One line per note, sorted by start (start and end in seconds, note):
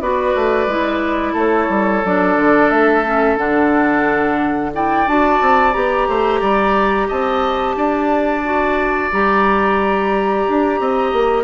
0.00 0.34 B3
0.00 0.69 F#4
0.00 1.33 B4
0.00 1.35 D5
0.35 0.66 A3
0.66 1.33 G#3
0.66 2.04 E4
1.33 1.68 A3
1.33 4.70 A4
1.33 2.05 C#5
1.69 2.02 G3
2.04 2.36 F#3
2.04 3.05 D4
2.04 2.69 D5
2.36 2.70 D3
2.69 3.37 A3
2.69 3.37 E5
3.05 3.37 C#4
3.37 5.05 D3
3.37 4.71 D4
3.37 4.72 F#5
4.73 5.07 E4
4.73 6.08 D5
4.73 5.07 G5
5.06 5.40 D4
5.06 5.72 F#4
5.06 5.73 A5
5.41 5.74 C4
5.72 6.07 B3
5.72 8.42 G4
5.72 7.08 A#5
6.07 6.41 A3
6.07 6.40 C5
6.40 7.08 G3
6.40 7.07 D5
7.07 7.76 C4
7.07 7.75 D#5
7.07 9.11 A5
7.76 9.10 D4
7.76 10.80 D5
8.44 9.11 F#4
9.11 10.47 G3
9.11 11.44 G4
9.11 11.44 A#5
10.47 10.79 D4
10.79 11.12 C4
10.79 11.44 D#5
11.12 11.44 A#3